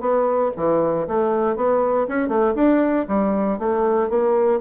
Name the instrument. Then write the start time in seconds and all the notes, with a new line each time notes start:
bassoon
0.00 B3
0.56 E3
1.07 A3
1.56 B3
2.08 C#4
2.28 A3
2.55 D4
3.08 G3
3.58 A3
4.09 A#3